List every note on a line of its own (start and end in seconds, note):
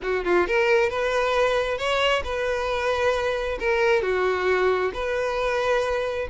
0.02 0.24 F#4
0.24 0.47 F4
0.47 0.89 A#4
0.89 1.78 B4
1.78 2.22 C#5
2.24 3.58 B4
3.59 4.02 A#4
4.02 4.91 F#4
4.93 6.27 B4